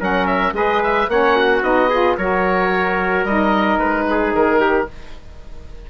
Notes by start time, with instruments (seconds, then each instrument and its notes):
0.00 bassoon F#3, saxophone C#4, trumpet A#4, oboe F#5
0.27 oboe E5
0.53 bassoon G#3, saxophone G#4, trumpet B4, oboe D#5
0.83 oboe E5
1.09 bassoon A#3, saxophone C#4, trumpet C#5, oboe F#5
1.36 trumpet F#4
1.62 bassoon B3, saxophone D#4, oboe D#5
1.89 saxophone F4, trumpet G#4
2.18 bassoon F#3, saxophone F#4, trumpet A#4, oboe C#5
3.24 bassoon G3, saxophone D#4, oboe D#5
3.79 bassoon G#3, oboe B4
4.10 trumpet G#4
4.35 bassoon D#3, oboe A#4
4.60 trumpet G4